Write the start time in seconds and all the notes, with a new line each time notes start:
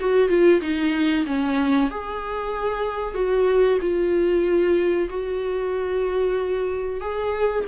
0.00 F#4
0.29 F4
0.62 D#4
1.26 C#4
1.91 G#4
3.15 F#4
3.82 F4
5.10 F#4
7.01 G#4